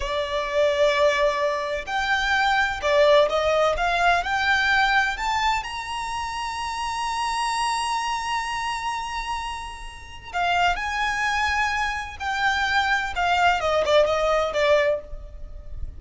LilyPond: \new Staff \with { instrumentName = "violin" } { \time 4/4 \tempo 4 = 128 d''1 | g''2 d''4 dis''4 | f''4 g''2 a''4 | ais''1~ |
ais''1~ | ais''2 f''4 gis''4~ | gis''2 g''2 | f''4 dis''8 d''8 dis''4 d''4 | }